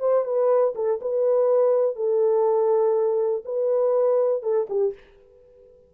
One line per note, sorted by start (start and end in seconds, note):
0.00 0.25 C5
0.25 0.74 B4
0.75 1.00 A4
1.02 1.96 B4
1.96 3.43 A4
3.45 4.43 B4
4.43 4.67 A4
4.69 4.94 G4